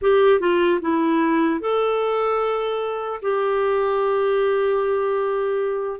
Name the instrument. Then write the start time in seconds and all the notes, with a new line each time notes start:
clarinet
0.01 G4
0.40 F4
0.81 E4
1.60 A4
3.22 G4